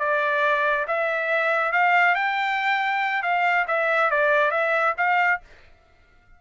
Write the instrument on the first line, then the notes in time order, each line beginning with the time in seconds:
trumpet
0.00 D5
0.88 E5
1.73 F5
2.15 G5
3.23 F5
3.68 E5
4.11 D5
4.52 E5
4.98 F5